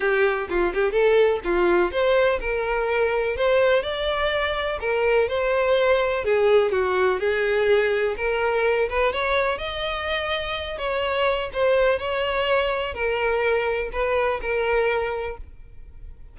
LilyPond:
\new Staff \with { instrumentName = "violin" } { \time 4/4 \tempo 4 = 125 g'4 f'8 g'8 a'4 f'4 | c''4 ais'2 c''4 | d''2 ais'4 c''4~ | c''4 gis'4 fis'4 gis'4~ |
gis'4 ais'4. b'8 cis''4 | dis''2~ dis''8 cis''4. | c''4 cis''2 ais'4~ | ais'4 b'4 ais'2 | }